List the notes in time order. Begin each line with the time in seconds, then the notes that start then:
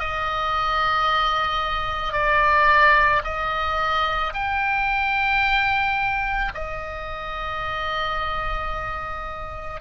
0.00 D#5
2.13 D5
3.24 D#5
4.34 G5
6.55 D#5